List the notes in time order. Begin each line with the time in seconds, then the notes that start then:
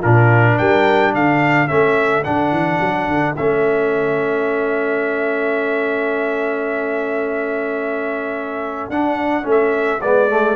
0.00 A#2 D4 F4 A#4
0.58 G3 A#4 G5
1.14 D3 A4 F5
1.67 A3 C#4 E5
2.24 D3 D4 F#5
2.51 E3
2.80 F#3
3.08 D3
3.36 A3 C#4 E5
8.89 D4 F#5
9.43 A3 C#4
9.50 E5
10.01 G#3 B3 D5
10.29 A3